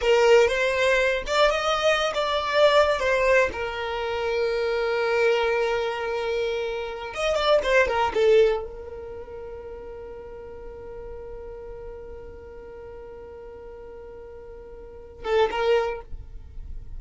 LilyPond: \new Staff \with { instrumentName = "violin" } { \time 4/4 \tempo 4 = 120 ais'4 c''4. d''8 dis''4~ | dis''16 d''4.~ d''16 c''4 ais'4~ | ais'1~ | ais'2~ ais'16 dis''8 d''8 c''8 ais'16~ |
ais'16 a'4 ais'2~ ais'8.~ | ais'1~ | ais'1~ | ais'2~ ais'8 a'8 ais'4 | }